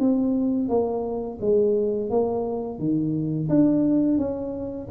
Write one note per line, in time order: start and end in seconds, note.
0.00 0.69 C4
0.69 1.39 A#3
1.41 2.11 G#3
2.11 2.79 A#3
2.79 3.49 D#3
3.49 4.18 D4
4.18 4.88 C#4